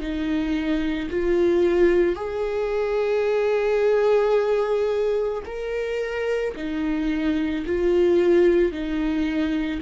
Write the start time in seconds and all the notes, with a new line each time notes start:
0.00 D#4
1.10 F4
2.16 G#4
5.46 A#4
6.56 D#4
7.66 F4
8.72 D#4